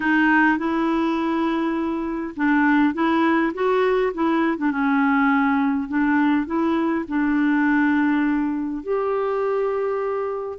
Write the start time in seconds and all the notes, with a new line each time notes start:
0.00 D#4
0.58 E4
2.36 D4
2.94 E4
3.54 F#4
4.13 E4
4.57 D4
4.71 C#4
5.88 D4
6.46 E4
7.07 D4
8.83 G4